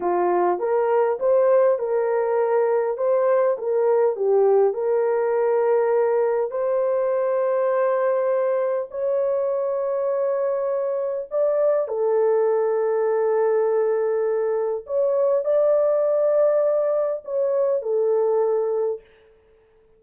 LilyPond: \new Staff \with { instrumentName = "horn" } { \time 4/4 \tempo 4 = 101 f'4 ais'4 c''4 ais'4~ | ais'4 c''4 ais'4 g'4 | ais'2. c''4~ | c''2. cis''4~ |
cis''2. d''4 | a'1~ | a'4 cis''4 d''2~ | d''4 cis''4 a'2 | }